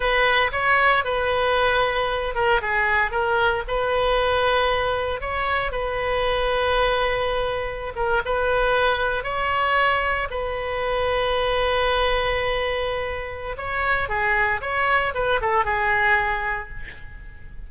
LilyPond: \new Staff \with { instrumentName = "oboe" } { \time 4/4 \tempo 4 = 115 b'4 cis''4 b'2~ | b'8 ais'8 gis'4 ais'4 b'4~ | b'2 cis''4 b'4~ | b'2.~ b'16 ais'8 b'16~ |
b'4.~ b'16 cis''2 b'16~ | b'1~ | b'2 cis''4 gis'4 | cis''4 b'8 a'8 gis'2 | }